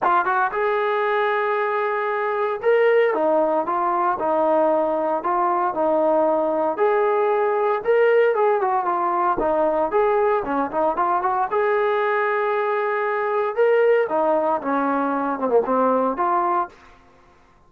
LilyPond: \new Staff \with { instrumentName = "trombone" } { \time 4/4 \tempo 4 = 115 f'8 fis'8 gis'2.~ | gis'4 ais'4 dis'4 f'4 | dis'2 f'4 dis'4~ | dis'4 gis'2 ais'4 |
gis'8 fis'8 f'4 dis'4 gis'4 | cis'8 dis'8 f'8 fis'8 gis'2~ | gis'2 ais'4 dis'4 | cis'4. c'16 ais16 c'4 f'4 | }